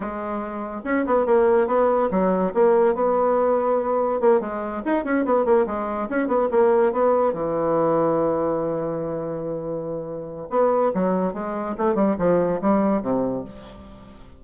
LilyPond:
\new Staff \with { instrumentName = "bassoon" } { \time 4/4 \tempo 4 = 143 gis2 cis'8 b8 ais4 | b4 fis4 ais4 b4~ | b2 ais8 gis4 dis'8 | cis'8 b8 ais8 gis4 cis'8 b8 ais8~ |
ais8 b4 e2~ e8~ | e1~ | e4 b4 fis4 gis4 | a8 g8 f4 g4 c4 | }